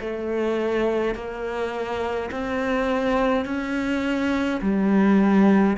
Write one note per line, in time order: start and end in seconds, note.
0.00 1.14 A3
1.14 2.30 A#3
2.31 3.45 C4
3.45 4.60 C#4
4.61 5.76 G3